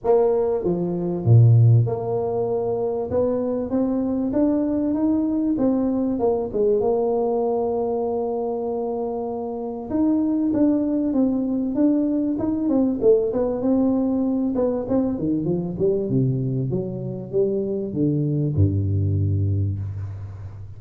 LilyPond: \new Staff \with { instrumentName = "tuba" } { \time 4/4 \tempo 4 = 97 ais4 f4 ais,4 ais4~ | ais4 b4 c'4 d'4 | dis'4 c'4 ais8 gis8 ais4~ | ais1 |
dis'4 d'4 c'4 d'4 | dis'8 c'8 a8 b8 c'4. b8 | c'8 dis8 f8 g8 c4 fis4 | g4 d4 g,2 | }